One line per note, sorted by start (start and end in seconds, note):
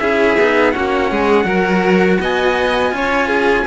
0.00 0.37 C#4
0.00 0.38 E4
0.00 0.75 G#4
0.00 0.72 E5
0.37 0.74 B3
0.37 0.73 D#4
0.72 1.11 A#3
0.72 1.44 C#4
0.72 1.11 F#4
0.72 2.18 F#5
1.11 1.45 G#3
1.11 1.46 G#4
1.44 2.18 F#3
1.44 2.91 F#4
1.44 2.19 A#4
2.21 2.93 B3
2.21 2.95 D#5
2.21 3.67 G#5
2.91 3.66 C#4
2.91 3.64 F4
2.91 3.28 C#5
3.28 3.64 G#4